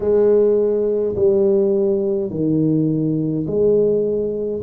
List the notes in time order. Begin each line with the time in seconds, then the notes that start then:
0.00 G#3
1.15 G3
2.30 D#3
3.46 G#3